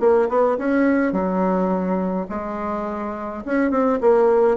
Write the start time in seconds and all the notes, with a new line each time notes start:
0.00 A#3
0.29 B3
0.58 C#4
1.13 F#3
2.30 G#3
3.45 C#4
3.71 C4
4.01 A#3